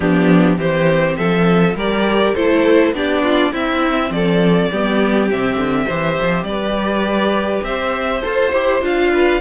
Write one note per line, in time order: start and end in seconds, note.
0.00 0.57 F3
0.00 0.56 B3
0.00 0.58 D4
0.00 0.58 G4
0.56 1.16 E3
0.56 1.74 C4
0.56 1.17 G4
0.56 1.16 C5
1.16 1.74 F3
1.16 1.76 A4
1.16 1.75 E5
1.74 2.33 G3
1.74 2.36 G4
1.74 2.34 A#4
1.74 2.35 D5
2.34 2.92 A3
2.34 2.94 E4
2.34 2.93 A4
2.34 2.93 C5
2.92 3.51 B3
2.92 3.53 D4
2.92 3.23 G4
2.92 3.53 D5
3.23 3.52 F4
3.52 4.10 C4
3.52 4.71 C4
3.52 4.11 E4
3.52 4.12 E5
4.10 4.69 F3
4.10 4.71 A4
4.10 5.29 D5
4.71 5.30 G3
4.71 5.29 B3
4.71 5.85 G4
5.29 5.56 C3
5.29 5.88 C4
5.29 6.44 E5
5.56 5.85 D3
5.85 6.19 E3
5.85 8.22 G4
5.85 6.44 C5
6.21 6.43 F3
6.43 7.60 G3
6.43 7.65 B4
6.43 7.61 D5
7.62 8.21 C4
7.62 9.12 C5
7.62 8.22 E5
8.22 8.52 F4
8.22 8.52 A4
8.22 8.84 C5
8.52 8.81 E4
8.52 8.82 G4
8.81 9.40 D4
8.81 9.40 F4
8.81 9.40 F5
9.13 9.40 B4